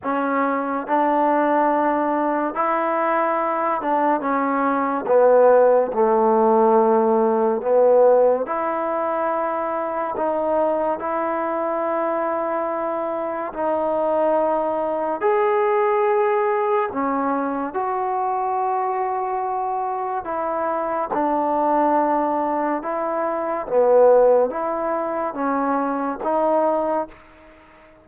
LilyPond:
\new Staff \with { instrumentName = "trombone" } { \time 4/4 \tempo 4 = 71 cis'4 d'2 e'4~ | e'8 d'8 cis'4 b4 a4~ | a4 b4 e'2 | dis'4 e'2. |
dis'2 gis'2 | cis'4 fis'2. | e'4 d'2 e'4 | b4 e'4 cis'4 dis'4 | }